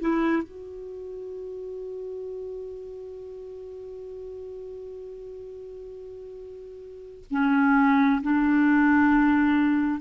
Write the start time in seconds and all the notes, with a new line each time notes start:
0.00 E4
0.42 F#4
7.30 C#4
8.22 D4